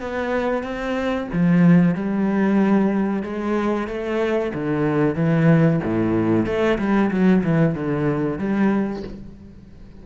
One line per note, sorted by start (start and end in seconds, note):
0.00 0.63 B3
0.63 1.28 C4
1.33 1.95 F3
1.95 3.23 G3
3.23 3.87 G#3
3.87 4.52 A3
4.54 5.15 D3
5.15 5.80 E3
5.83 6.46 A2
6.46 6.78 A3
6.78 7.10 G3
7.11 7.43 F#3
7.43 7.74 E3
7.74 8.38 D3
8.38 9.03 G3